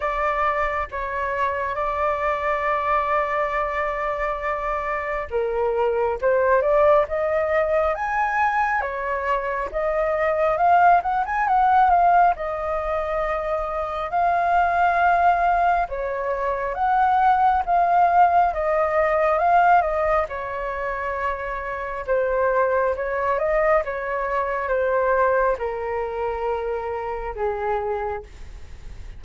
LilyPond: \new Staff \with { instrumentName = "flute" } { \time 4/4 \tempo 4 = 68 d''4 cis''4 d''2~ | d''2 ais'4 c''8 d''8 | dis''4 gis''4 cis''4 dis''4 | f''8 fis''16 gis''16 fis''8 f''8 dis''2 |
f''2 cis''4 fis''4 | f''4 dis''4 f''8 dis''8 cis''4~ | cis''4 c''4 cis''8 dis''8 cis''4 | c''4 ais'2 gis'4 | }